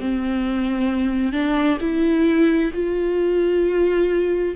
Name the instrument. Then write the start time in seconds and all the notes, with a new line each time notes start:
viola
0.00 C4
1.32 D4
1.81 E4
2.73 F4